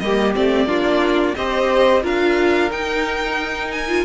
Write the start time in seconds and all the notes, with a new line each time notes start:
0.00 G3 A#3 G4 D#5
0.35 A3 C4 D5
0.67 A#3 D4 F4
1.36 C4 G4 C5 D#5
2.03 D4 F4 A#4 F5
2.72 D#4 G5
3.72 G#5
3.89 F4